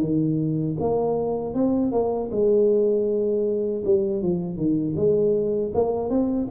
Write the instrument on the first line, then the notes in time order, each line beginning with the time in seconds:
tuba
0.00 D#3
0.80 A#3
1.54 C4
1.92 A#3
2.31 G#3
3.85 G3
4.22 F3
4.56 D#3
4.96 G#3
5.74 A#3
6.10 C4